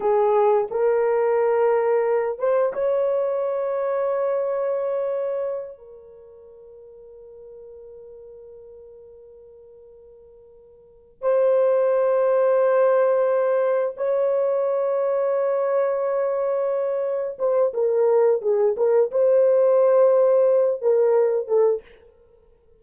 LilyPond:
\new Staff \with { instrumentName = "horn" } { \time 4/4 \tempo 4 = 88 gis'4 ais'2~ ais'8 c''8 | cis''1~ | cis''8 ais'2.~ ais'8~ | ais'1~ |
ais'8 c''2.~ c''8~ | c''8 cis''2.~ cis''8~ | cis''4. c''8 ais'4 gis'8 ais'8 | c''2~ c''8 ais'4 a'8 | }